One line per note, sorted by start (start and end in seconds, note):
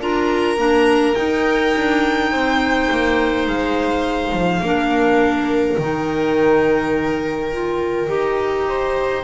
0.00 0.57 D4
0.00 0.57 F4
0.00 2.31 A#4
0.00 1.15 A#5
0.57 1.14 A#3
0.57 1.15 D4
1.15 4.62 D#4
1.15 1.75 D#4
1.15 3.46 G5
1.76 2.31 D4
2.31 2.89 C4
2.31 4.62 C5
2.90 3.47 A#3
3.47 4.32 G#3
3.47 5.78 F5
4.32 4.61 F3
4.61 5.76 A#3
4.61 5.78 D4
4.61 8.68 A#4
5.77 8.08 D#3
5.77 7.52 D#4
5.77 9.24 G5
7.52 8.07 F4
8.07 9.24 D#4
8.07 9.23 G4
8.68 9.24 C5